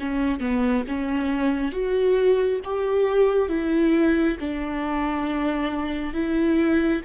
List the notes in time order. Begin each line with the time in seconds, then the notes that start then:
0.00 C#4
0.41 B3
0.88 C#4
1.72 F#4
2.65 G4
3.49 E4
4.40 D4
6.14 E4